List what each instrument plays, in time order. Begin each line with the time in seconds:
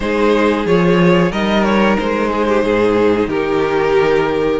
0.00 cello G#3, viola D#4, violin G#4 C5
0.65 cello F3, viola F4, violin C#5
1.31 cello G3, viola D#4, violin A#4 D#5
1.63 violin C#5
1.98 cello G#3, violin C5
2.30 violin G#4
2.47 violin G4
2.63 cello G#2, violin G#4
3.28 cello D#3, violin G4 A#4